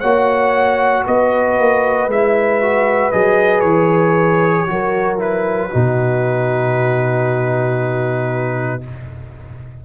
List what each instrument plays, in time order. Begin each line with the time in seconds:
0.00 tuba A#3, trombone F#4, horn C#5, trumpet F#5
1.06 tuba B3, horn B4, trumpet D#5
1.58 tuba A#3
2.07 tuba G#3, trombone E4, trumpet E5
2.62 trombone F#4
3.12 tuba F#3, trombone G#4, trumpet D#5
3.60 tuba E3, trumpet C#5
4.67 tuba F#3, trombone F#4, horn A#4
5.18 trombone E4, trumpet B4
5.70 tuba B2, trombone D#4, horn F#4